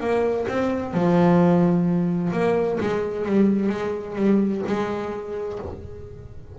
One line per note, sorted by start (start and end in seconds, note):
0.00 0.46 A#3
0.48 0.94 C4
0.94 2.32 F3
2.32 2.79 A#3
2.80 3.26 G#3
3.26 3.69 G3
3.69 4.16 G#3
4.16 4.62 G3
4.67 5.59 G#3